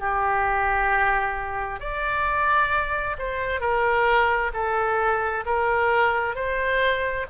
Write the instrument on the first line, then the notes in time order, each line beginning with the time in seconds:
oboe
0.00 G4
1.81 D5
3.19 C5
3.61 A#4
4.54 A4
5.46 A#4
6.36 C5